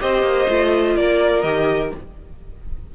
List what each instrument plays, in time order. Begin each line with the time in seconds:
0.00 cello C4, viola G4, violin C5 D#5
0.23 cello A#3
0.49 cello A3, viola F4
0.96 cello A#3, violin A#4 D5
1.43 cello D#3, viola G4, violin D#5